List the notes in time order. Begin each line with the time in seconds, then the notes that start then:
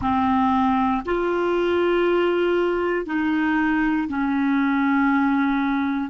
0.01 C4
1.05 F4
3.06 D#4
4.08 C#4